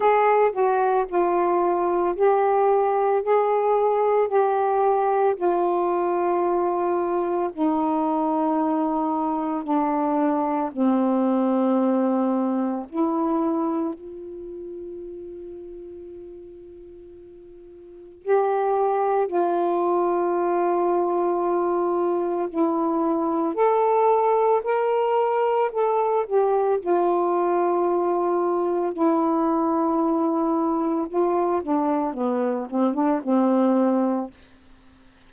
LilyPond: \new Staff \with { instrumentName = "saxophone" } { \time 4/4 \tempo 4 = 56 gis'8 fis'8 f'4 g'4 gis'4 | g'4 f'2 dis'4~ | dis'4 d'4 c'2 | e'4 f'2.~ |
f'4 g'4 f'2~ | f'4 e'4 a'4 ais'4 | a'8 g'8 f'2 e'4~ | e'4 f'8 d'8 b8 c'16 d'16 c'4 | }